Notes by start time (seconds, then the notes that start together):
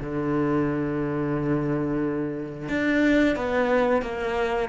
0.00 D3
2.69 D4
3.36 B3
4.02 A#3